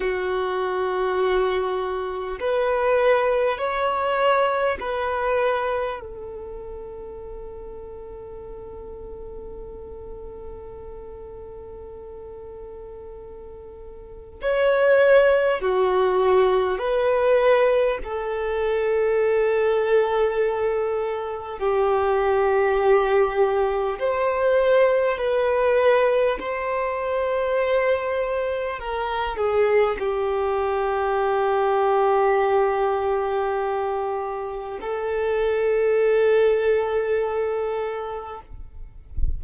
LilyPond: \new Staff \with { instrumentName = "violin" } { \time 4/4 \tempo 4 = 50 fis'2 b'4 cis''4 | b'4 a'2.~ | a'1 | cis''4 fis'4 b'4 a'4~ |
a'2 g'2 | c''4 b'4 c''2 | ais'8 gis'8 g'2.~ | g'4 a'2. | }